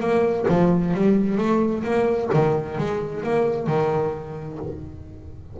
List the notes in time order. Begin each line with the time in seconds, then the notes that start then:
0.00 A#3
0.49 F3
0.94 G3
1.38 A3
1.84 A#3
2.33 D#3
2.78 G#3
3.23 A#3
3.67 D#3